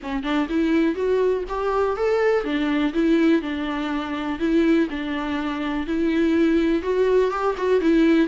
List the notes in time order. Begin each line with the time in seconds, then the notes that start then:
0.02 C#4
0.23 D4
0.49 E4
0.95 F#4
1.48 G4
1.96 A4
2.44 D4
2.93 E4
3.42 D4
4.39 E4
4.90 D4
5.86 E4
6.82 F#4
7.31 G4
7.57 F#4
7.80 E4